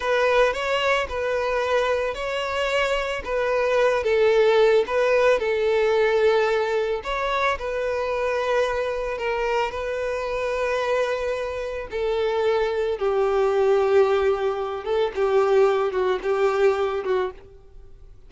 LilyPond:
\new Staff \with { instrumentName = "violin" } { \time 4/4 \tempo 4 = 111 b'4 cis''4 b'2 | cis''2 b'4. a'8~ | a'4 b'4 a'2~ | a'4 cis''4 b'2~ |
b'4 ais'4 b'2~ | b'2 a'2 | g'2.~ g'8 a'8 | g'4. fis'8 g'4. fis'8 | }